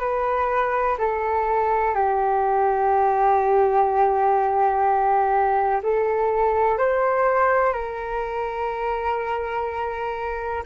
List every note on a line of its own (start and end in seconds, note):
0.00 0.97 B4
0.98 1.94 A4
1.94 5.82 G4
5.83 6.78 A4
6.78 7.73 C5
7.73 10.63 A#4